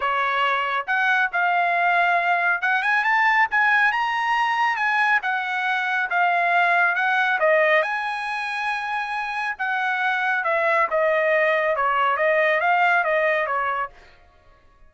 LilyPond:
\new Staff \with { instrumentName = "trumpet" } { \time 4/4 \tempo 4 = 138 cis''2 fis''4 f''4~ | f''2 fis''8 gis''8 a''4 | gis''4 ais''2 gis''4 | fis''2 f''2 |
fis''4 dis''4 gis''2~ | gis''2 fis''2 | e''4 dis''2 cis''4 | dis''4 f''4 dis''4 cis''4 | }